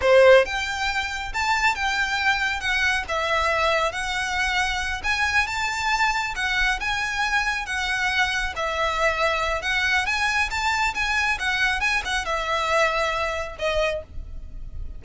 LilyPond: \new Staff \with { instrumentName = "violin" } { \time 4/4 \tempo 4 = 137 c''4 g''2 a''4 | g''2 fis''4 e''4~ | e''4 fis''2~ fis''8 gis''8~ | gis''8 a''2 fis''4 gis''8~ |
gis''4. fis''2 e''8~ | e''2 fis''4 gis''4 | a''4 gis''4 fis''4 gis''8 fis''8 | e''2. dis''4 | }